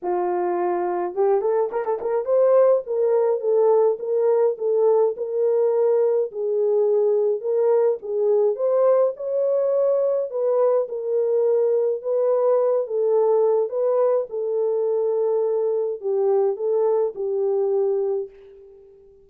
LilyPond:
\new Staff \with { instrumentName = "horn" } { \time 4/4 \tempo 4 = 105 f'2 g'8 a'8 ais'16 a'16 ais'8 | c''4 ais'4 a'4 ais'4 | a'4 ais'2 gis'4~ | gis'4 ais'4 gis'4 c''4 |
cis''2 b'4 ais'4~ | ais'4 b'4. a'4. | b'4 a'2. | g'4 a'4 g'2 | }